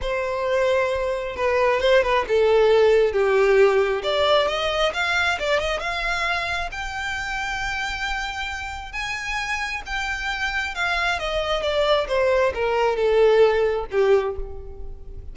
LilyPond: \new Staff \with { instrumentName = "violin" } { \time 4/4 \tempo 4 = 134 c''2. b'4 | c''8 b'8 a'2 g'4~ | g'4 d''4 dis''4 f''4 | d''8 dis''8 f''2 g''4~ |
g''1 | gis''2 g''2 | f''4 dis''4 d''4 c''4 | ais'4 a'2 g'4 | }